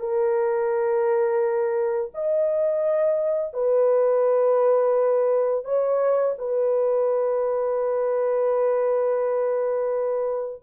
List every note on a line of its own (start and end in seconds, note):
0.00 2.12 A#4
2.15 3.54 D#5
3.54 5.65 B4
5.65 6.36 C#5
6.39 10.62 B4